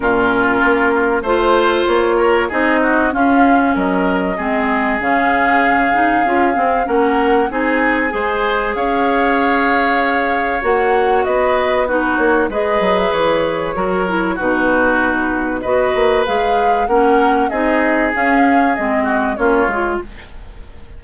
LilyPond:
<<
  \new Staff \with { instrumentName = "flute" } { \time 4/4 \tempo 4 = 96 ais'2 c''4 cis''4 | dis''4 f''4 dis''2 | f''2. fis''4 | gis''2 f''2~ |
f''4 fis''4 dis''4 b'8 cis''8 | dis''8. e''16 cis''2 b'4~ | b'4 dis''4 f''4 fis''4 | dis''4 f''4 dis''4 cis''4 | }
  \new Staff \with { instrumentName = "oboe" } { \time 4/4 f'2 c''4. ais'8 | gis'8 fis'8 f'4 ais'4 gis'4~ | gis'2. ais'4 | gis'4 c''4 cis''2~ |
cis''2 b'4 fis'4 | b'2 ais'4 fis'4~ | fis'4 b'2 ais'4 | gis'2~ gis'8 fis'8 f'4 | }
  \new Staff \with { instrumentName = "clarinet" } { \time 4/4 cis'2 f'2 | dis'4 cis'2 c'4 | cis'4. dis'8 f'8 c'8 cis'4 | dis'4 gis'2.~ |
gis'4 fis'2 dis'4 | gis'2 fis'8 e'8 dis'4~ | dis'4 fis'4 gis'4 cis'4 | dis'4 cis'4 c'4 cis'8 f'8 | }
  \new Staff \with { instrumentName = "bassoon" } { \time 4/4 ais,4 ais4 a4 ais4 | c'4 cis'4 fis4 gis4 | cis2 cis'8 c'8 ais4 | c'4 gis4 cis'2~ |
cis'4 ais4 b4. ais8 | gis8 fis8 e4 fis4 b,4~ | b,4 b8 ais8 gis4 ais4 | c'4 cis'4 gis4 ais8 gis8 | }
>>